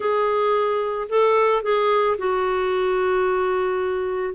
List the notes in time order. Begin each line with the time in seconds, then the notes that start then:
0.00 G#4
1.09 A4
1.62 G#4
2.17 F#4